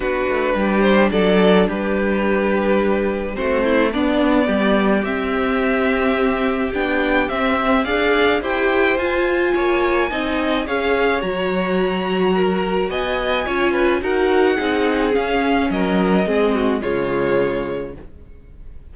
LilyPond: <<
  \new Staff \with { instrumentName = "violin" } { \time 4/4 \tempo 4 = 107 b'4. c''8 d''4 b'4~ | b'2 c''4 d''4~ | d''4 e''2. | g''4 e''4 f''4 g''4 |
gis''2. f''4 | ais''2. gis''4~ | gis''4 fis''2 f''4 | dis''2 cis''2 | }
  \new Staff \with { instrumentName = "violin" } { \time 4/4 fis'4 g'4 a'4 g'4~ | g'2 fis'8 e'8 d'4 | g'1~ | g'2 d''4 c''4~ |
c''4 cis''4 dis''4 cis''4~ | cis''2 ais'4 dis''4 | cis''8 b'8 ais'4 gis'2 | ais'4 gis'8 fis'8 f'2 | }
  \new Staff \with { instrumentName = "viola" } { \time 4/4 d'1~ | d'2 c'4 b4~ | b4 c'2. | d'4 c'4 gis'4 g'4 |
f'2 dis'4 gis'4 | fis'1 | f'4 fis'4 dis'4 cis'4~ | cis'4 c'4 gis2 | }
  \new Staff \with { instrumentName = "cello" } { \time 4/4 b8 a8 g4 fis4 g4~ | g2 a4 b4 | g4 c'2. | b4 c'4 d'4 e'4 |
f'4 ais4 c'4 cis'4 | fis2. b4 | cis'4 dis'4 c'4 cis'4 | fis4 gis4 cis2 | }
>>